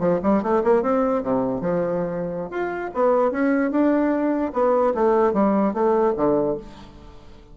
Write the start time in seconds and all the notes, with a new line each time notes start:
0.00 F3
0.23 G3
0.43 A3
0.64 A#3
0.83 C4
1.23 C3
1.61 F3
2.51 F4
2.95 B3
3.32 C#4
3.72 D4
4.54 B3
4.95 A3
5.34 G3
5.74 A3
6.17 D3